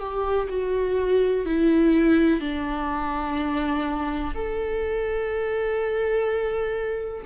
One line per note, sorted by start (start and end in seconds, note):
0.00 0.48 G4
0.49 1.46 F#4
1.46 2.41 E4
2.41 4.34 D4
4.35 7.25 A4